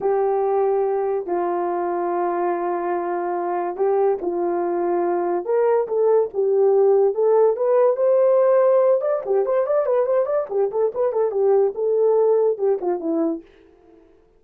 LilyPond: \new Staff \with { instrumentName = "horn" } { \time 4/4 \tempo 4 = 143 g'2. f'4~ | f'1~ | f'4 g'4 f'2~ | f'4 ais'4 a'4 g'4~ |
g'4 a'4 b'4 c''4~ | c''4. d''8 g'8 c''8 d''8 b'8 | c''8 d''8 g'8 a'8 b'8 a'8 g'4 | a'2 g'8 f'8 e'4 | }